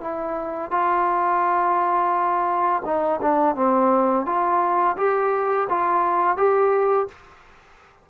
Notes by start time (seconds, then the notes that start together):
0.00 E4
0.71 F4
2.85 D#4
3.21 D4
3.55 C4
4.25 F4
4.97 G4
5.69 F4
6.37 G4